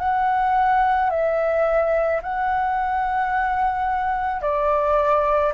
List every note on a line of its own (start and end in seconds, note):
0.00 1.11 F#5
1.11 2.22 E5
2.23 4.42 F#5
4.42 5.53 D5